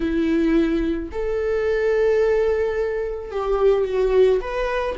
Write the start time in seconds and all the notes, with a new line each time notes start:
0.00 E4
1.11 A4
3.31 G4
3.84 F#4
4.40 B4